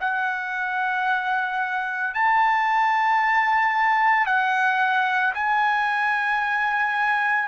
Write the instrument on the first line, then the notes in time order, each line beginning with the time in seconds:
trumpet
0.00 F#5
2.14 A5
4.26 F#5
5.34 G#5